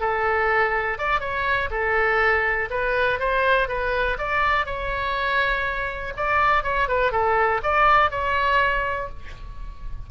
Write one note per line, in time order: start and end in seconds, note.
0.00 0.98 A4
0.98 1.20 D5
1.20 1.69 C#5
1.71 2.69 A4
2.70 3.19 B4
3.19 3.68 C5
3.68 4.17 B4
4.18 4.66 D5
4.66 6.13 C#5
6.17 6.63 D5
6.63 6.88 C#5
6.88 7.11 B4
7.11 7.61 A4
7.63 8.10 D5
8.10 9.09 C#5